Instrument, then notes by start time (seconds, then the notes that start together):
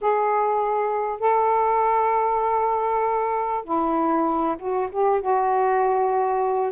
saxophone
0.01 G#4
1.19 A4
3.64 E4
4.58 F#4
4.91 G4
5.21 F#4